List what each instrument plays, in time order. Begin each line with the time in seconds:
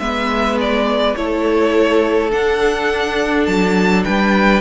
0.00 cello G#3, viola B3, violin B4 E5
0.61 violin D5
1.16 cello A3, viola E4, violin A4 C#5
2.31 viola D4, cello D4, violin F#5
3.46 cello F#3, violin A5
4.04 cello G3, violin B4 G5